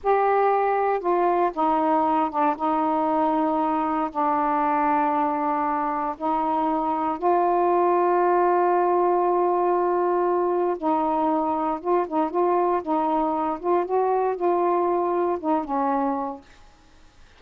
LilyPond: \new Staff \with { instrumentName = "saxophone" } { \time 4/4 \tempo 4 = 117 g'2 f'4 dis'4~ | dis'8 d'8 dis'2. | d'1 | dis'2 f'2~ |
f'1~ | f'4 dis'2 f'8 dis'8 | f'4 dis'4. f'8 fis'4 | f'2 dis'8 cis'4. | }